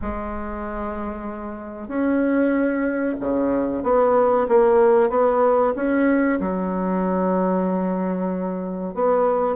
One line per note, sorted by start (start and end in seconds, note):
0.01 1.87 G#3
1.87 3.15 C#4
3.20 3.83 C#3
3.83 4.47 B3
4.48 5.09 A#3
5.09 5.73 B3
5.75 6.39 C#4
6.39 8.94 F#3
8.94 9.55 B3